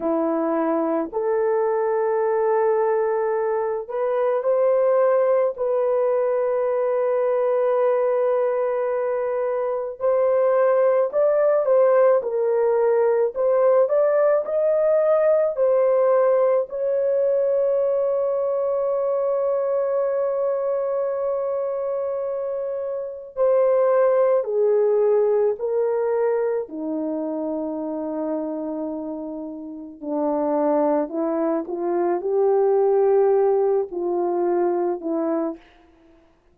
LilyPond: \new Staff \with { instrumentName = "horn" } { \time 4/4 \tempo 4 = 54 e'4 a'2~ a'8 b'8 | c''4 b'2.~ | b'4 c''4 d''8 c''8 ais'4 | c''8 d''8 dis''4 c''4 cis''4~ |
cis''1~ | cis''4 c''4 gis'4 ais'4 | dis'2. d'4 | e'8 f'8 g'4. f'4 e'8 | }